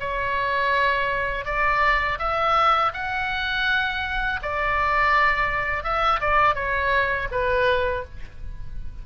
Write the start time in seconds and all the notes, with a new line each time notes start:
0.00 C#5
1.45 D5
2.19 E5
2.94 F#5
4.43 D5
5.84 E5
6.21 D5
6.55 C#5
7.31 B4